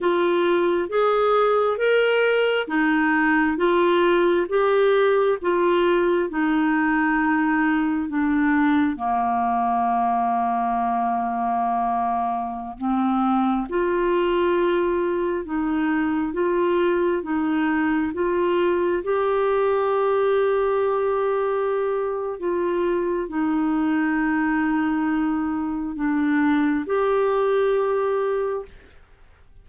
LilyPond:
\new Staff \with { instrumentName = "clarinet" } { \time 4/4 \tempo 4 = 67 f'4 gis'4 ais'4 dis'4 | f'4 g'4 f'4 dis'4~ | dis'4 d'4 ais2~ | ais2~ ais16 c'4 f'8.~ |
f'4~ f'16 dis'4 f'4 dis'8.~ | dis'16 f'4 g'2~ g'8.~ | g'4 f'4 dis'2~ | dis'4 d'4 g'2 | }